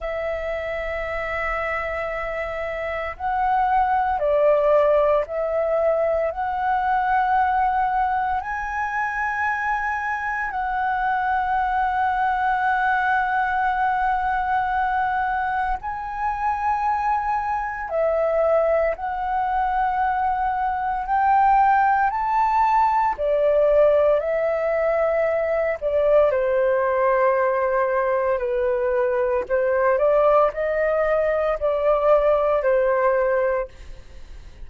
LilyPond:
\new Staff \with { instrumentName = "flute" } { \time 4/4 \tempo 4 = 57 e''2. fis''4 | d''4 e''4 fis''2 | gis''2 fis''2~ | fis''2. gis''4~ |
gis''4 e''4 fis''2 | g''4 a''4 d''4 e''4~ | e''8 d''8 c''2 b'4 | c''8 d''8 dis''4 d''4 c''4 | }